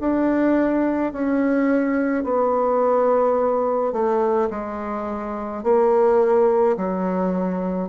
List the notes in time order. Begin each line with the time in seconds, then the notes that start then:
0.00 D4
1.12 C#4
2.23 B3
3.92 A3
4.50 G#3
5.63 A#3
6.77 F#3